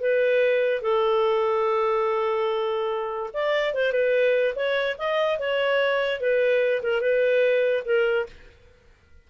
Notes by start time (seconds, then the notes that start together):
0.00 B4
0.81 A4
3.33 D5
3.74 C5
3.92 B4
4.55 C#5
4.98 D#5
5.38 C#5
6.20 B4
6.82 A#4
7.01 B4
7.85 A#4